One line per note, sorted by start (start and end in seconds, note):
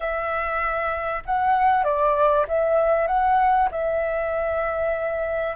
0.00 1.22 E5
1.25 1.84 F#5
1.84 2.46 D5
2.47 3.07 E5
3.07 3.69 F#5
3.71 5.56 E5